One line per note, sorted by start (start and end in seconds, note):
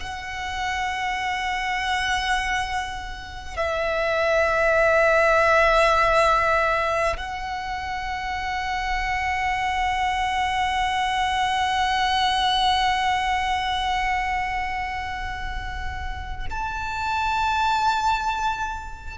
0.00 3.56 F#5
3.56 7.16 E5
7.17 16.47 F#5
16.50 19.17 A5